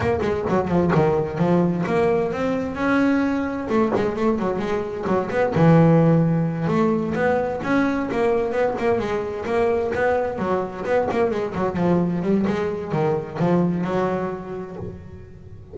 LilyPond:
\new Staff \with { instrumentName = "double bass" } { \time 4/4 \tempo 4 = 130 ais8 gis8 fis8 f8 dis4 f4 | ais4 c'4 cis'2 | a8 gis8 a8 fis8 gis4 fis8 b8 | e2~ e8 a4 b8~ |
b8 cis'4 ais4 b8 ais8 gis8~ | gis8 ais4 b4 fis4 b8 | ais8 gis8 fis8 f4 g8 gis4 | dis4 f4 fis2 | }